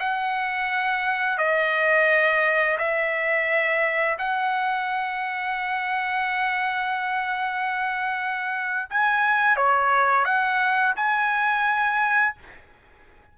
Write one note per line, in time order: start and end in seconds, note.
0.00 1.39 F#5
1.39 2.78 D#5
2.78 4.18 E5
4.19 8.90 F#5
8.90 9.57 G#5
9.57 10.25 C#5
10.25 10.95 F#5
10.96 12.36 G#5